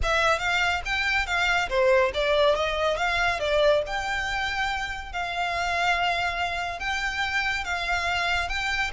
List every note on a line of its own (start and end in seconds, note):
0.03 0.38 E5
0.38 0.81 F5
0.85 1.26 G5
1.26 1.68 F5
1.69 2.11 C5
2.14 2.55 D5
2.55 2.97 D#5
2.97 3.39 F5
3.39 3.82 D5
3.86 5.12 G5
5.12 6.79 F5
6.79 7.64 G5
7.64 8.48 F5
8.48 8.91 G5